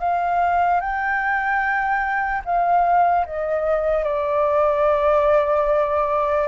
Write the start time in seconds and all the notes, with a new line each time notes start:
0.00 F5
0.81 G5
2.45 F5
3.27 D#5
4.05 D5